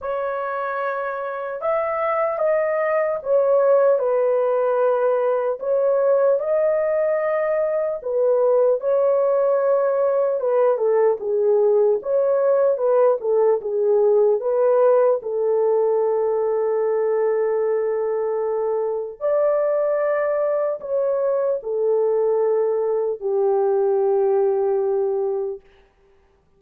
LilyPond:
\new Staff \with { instrumentName = "horn" } { \time 4/4 \tempo 4 = 75 cis''2 e''4 dis''4 | cis''4 b'2 cis''4 | dis''2 b'4 cis''4~ | cis''4 b'8 a'8 gis'4 cis''4 |
b'8 a'8 gis'4 b'4 a'4~ | a'1 | d''2 cis''4 a'4~ | a'4 g'2. | }